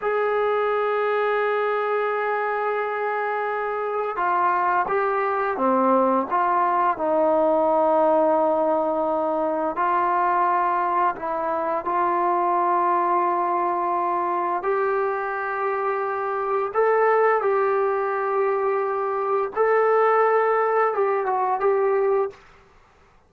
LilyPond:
\new Staff \with { instrumentName = "trombone" } { \time 4/4 \tempo 4 = 86 gis'1~ | gis'2 f'4 g'4 | c'4 f'4 dis'2~ | dis'2 f'2 |
e'4 f'2.~ | f'4 g'2. | a'4 g'2. | a'2 g'8 fis'8 g'4 | }